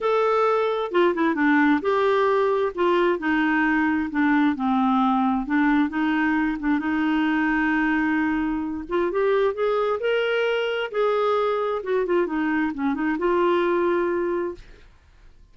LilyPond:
\new Staff \with { instrumentName = "clarinet" } { \time 4/4 \tempo 4 = 132 a'2 f'8 e'8 d'4 | g'2 f'4 dis'4~ | dis'4 d'4 c'2 | d'4 dis'4. d'8 dis'4~ |
dis'2.~ dis'8 f'8 | g'4 gis'4 ais'2 | gis'2 fis'8 f'8 dis'4 | cis'8 dis'8 f'2. | }